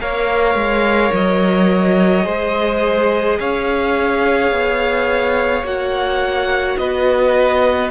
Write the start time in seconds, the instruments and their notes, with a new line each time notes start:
0.00 cello A#3, viola A#4, violin C#5 F5
0.55 cello G#3
1.13 cello F#3, violin D#5
2.23 cello G#3, viola G#4, violin C5
3.40 cello C#4, violin C#5 F5
4.52 cello B3
5.63 cello A#3, viola F#4, violin F#5
6.78 cello B3, violin B4 D#5